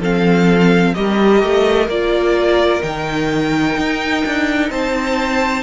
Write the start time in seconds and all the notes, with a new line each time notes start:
0.00 F3 C4 A4 F5
0.95 G3 G4 A#4 D#5
1.43 A3
1.88 A#3 F4 D5
2.82 D#3 D#4 G5
3.78 D#4
4.26 D4
4.70 C4 C5 A5